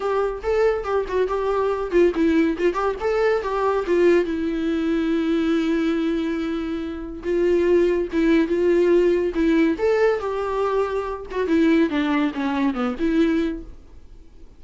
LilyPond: \new Staff \with { instrumentName = "viola" } { \time 4/4 \tempo 4 = 141 g'4 a'4 g'8 fis'8 g'4~ | g'8 f'8 e'4 f'8 g'8 a'4 | g'4 f'4 e'2~ | e'1~ |
e'4 f'2 e'4 | f'2 e'4 a'4 | g'2~ g'8 fis'8 e'4 | d'4 cis'4 b8 e'4. | }